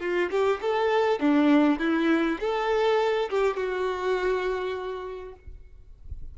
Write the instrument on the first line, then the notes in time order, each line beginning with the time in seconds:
violin
0.00 F4
0.30 G4
0.61 A4
1.20 D4
1.79 E4
2.40 A4
3.30 G4
3.56 F#4